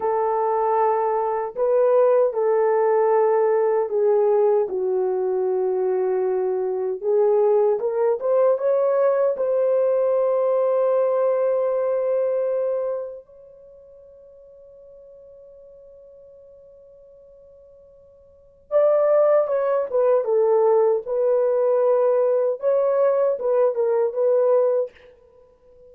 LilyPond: \new Staff \with { instrumentName = "horn" } { \time 4/4 \tempo 4 = 77 a'2 b'4 a'4~ | a'4 gis'4 fis'2~ | fis'4 gis'4 ais'8 c''8 cis''4 | c''1~ |
c''4 cis''2.~ | cis''1 | d''4 cis''8 b'8 a'4 b'4~ | b'4 cis''4 b'8 ais'8 b'4 | }